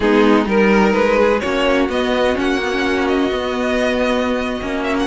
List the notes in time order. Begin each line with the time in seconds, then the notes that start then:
0.00 G#3 B3 D#4 G#4
0.44 G3 D#4 A#4
0.92 G#3 B4
1.18 G#4
1.40 A#3 C#4 F#4 C#5
1.88 B3 D#5
2.34 A#3 C#4 F#5
2.63 B3
2.71 C#4
3.07 D#5
3.31 B3
4.61 A#3 C#4
4.83 E5
4.99 F#5